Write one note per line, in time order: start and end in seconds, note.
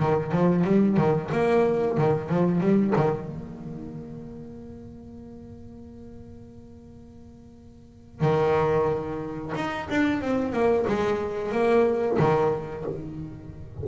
0.00 0.32 D#3
0.32 0.65 F3
0.65 0.97 G3
0.97 1.30 D#3
1.32 1.98 A#3
1.98 2.30 D#3
2.30 2.61 F3
2.61 2.94 G3
2.96 3.28 D#3
3.28 8.21 A#3
8.21 9.53 D#3
9.56 9.89 D#4
9.90 10.22 D4
10.22 10.53 C4
10.53 10.86 A#3
10.88 11.52 G#3
11.52 12.18 A#3
12.19 12.85 D#3